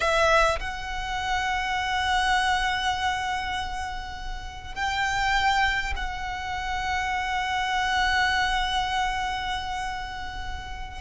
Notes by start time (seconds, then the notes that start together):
0.00 E5
0.59 F#5
4.74 G5
5.96 F#5